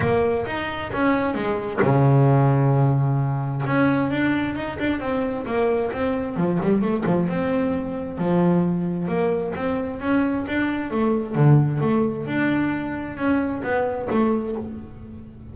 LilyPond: \new Staff \with { instrumentName = "double bass" } { \time 4/4 \tempo 4 = 132 ais4 dis'4 cis'4 gis4 | cis1 | cis'4 d'4 dis'8 d'8 c'4 | ais4 c'4 f8 g8 a8 f8 |
c'2 f2 | ais4 c'4 cis'4 d'4 | a4 d4 a4 d'4~ | d'4 cis'4 b4 a4 | }